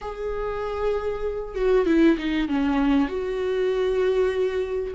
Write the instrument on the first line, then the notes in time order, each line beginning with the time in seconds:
viola
0.01 G#4
1.55 F#4
1.86 E4
2.17 D#4
2.48 C#4
3.08 F#4